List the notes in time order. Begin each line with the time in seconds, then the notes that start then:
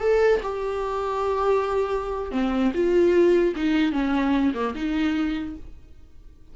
0.00 A4
0.42 G4
2.31 C4
2.74 F4
3.55 D#4
3.92 C#4
4.54 A#3
4.75 D#4